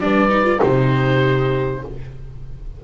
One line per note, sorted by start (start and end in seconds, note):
0.00 0.61 G3
0.00 0.30 D4
0.00 0.62 B4
0.00 0.61 D5
0.30 0.44 D#4
0.44 0.59 F4
0.59 1.85 C3
0.59 1.80 D#4
0.59 1.83 G4
0.59 1.84 C5